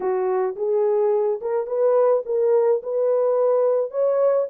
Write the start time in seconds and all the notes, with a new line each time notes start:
0.00 F#4
0.56 G#4
1.41 A#4
1.66 B4
2.25 A#4
2.83 B4
3.90 C#5